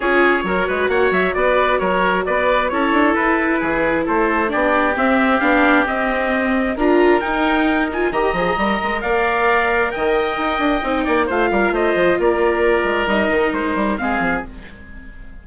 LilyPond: <<
  \new Staff \with { instrumentName = "trumpet" } { \time 4/4 \tempo 4 = 133 cis''2 fis''8 e''8 d''4 | cis''4 d''4 cis''4 b'4~ | b'4 c''4 d''4 e''4 | f''4 dis''2 ais''4 |
g''4. gis''8 ais''2 | f''2 g''2~ | g''4 f''4 dis''4 d''4~ | d''4 dis''4 c''4 f''4 | }
  \new Staff \with { instrumentName = "oboe" } { \time 4/4 gis'4 ais'8 b'8 cis''4 b'4 | ais'4 b'4 a'2 | gis'4 a'4 g'2~ | g'2. ais'4~ |
ais'2 dis''2 | d''2 dis''2~ | dis''8 d''8 c''8 ais'8 c''4 ais'4~ | ais'2. gis'4 | }
  \new Staff \with { instrumentName = "viola" } { \time 4/4 f'4 fis'2.~ | fis'2 e'2~ | e'2 d'4 c'4 | d'4 c'2 f'4 |
dis'4. f'8 g'8 gis'8 ais'4~ | ais'1 | dis'4 f'2.~ | f'4 dis'2 c'4 | }
  \new Staff \with { instrumentName = "bassoon" } { \time 4/4 cis'4 fis8 gis8 ais8 fis8 b4 | fis4 b4 cis'8 d'8 e'4 | e4 a4 b4 c'4 | b4 c'2 d'4 |
dis'2 dis8 f8 g8 gis8 | ais2 dis4 dis'8 d'8 | c'8 ais8 a8 g8 a8 f8 ais4~ | ais8 gis8 g8 dis8 gis8 g8 gis8 f8 | }
>>